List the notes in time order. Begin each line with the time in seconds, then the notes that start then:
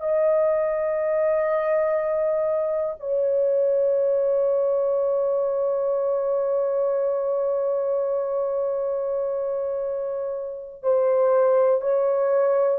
0.00 D#5
3.00 C#5
10.83 C5
11.82 C#5